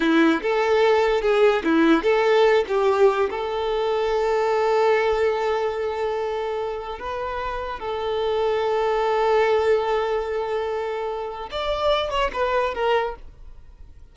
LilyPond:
\new Staff \with { instrumentName = "violin" } { \time 4/4 \tempo 4 = 146 e'4 a'2 gis'4 | e'4 a'4. g'4. | a'1~ | a'1~ |
a'4 b'2 a'4~ | a'1~ | a'1 | d''4. cis''8 b'4 ais'4 | }